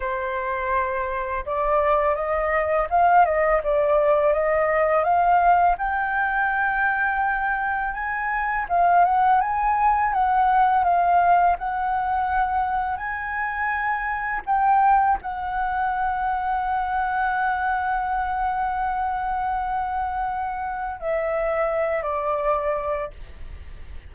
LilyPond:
\new Staff \with { instrumentName = "flute" } { \time 4/4 \tempo 4 = 83 c''2 d''4 dis''4 | f''8 dis''8 d''4 dis''4 f''4 | g''2. gis''4 | f''8 fis''8 gis''4 fis''4 f''4 |
fis''2 gis''2 | g''4 fis''2.~ | fis''1~ | fis''4 e''4. d''4. | }